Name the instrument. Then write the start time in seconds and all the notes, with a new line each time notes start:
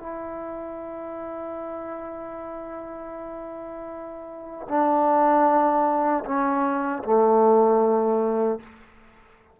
trombone
0.00 E4
4.69 D4
6.25 C#4
7.04 A3